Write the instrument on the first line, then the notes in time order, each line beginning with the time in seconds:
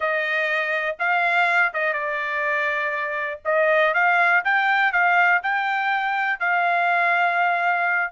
trumpet
0.00 D#5
0.99 F5
1.73 D#5
1.93 D5
3.44 D#5
3.94 F5
4.44 G5
4.92 F5
5.42 G5
6.39 F5